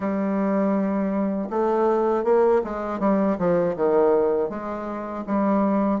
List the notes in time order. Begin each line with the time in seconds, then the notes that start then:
0.00 G3
1.50 A3
2.24 A#3
2.64 G#3
2.99 G3
3.38 F3
3.76 D#3
4.49 G#3
5.26 G3